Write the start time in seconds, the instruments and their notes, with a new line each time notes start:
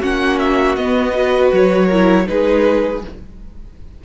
0.00 cello A#3, viola C#4, violin F#4 F#5
0.38 violin E5
0.75 cello B3, viola B3, violin D#5
1.13 viola F#4, violin B4
1.52 cello F#3, violin C#5
1.86 viola E4, violin A#4
2.27 cello G#3, viola D#4, violin G#4 B4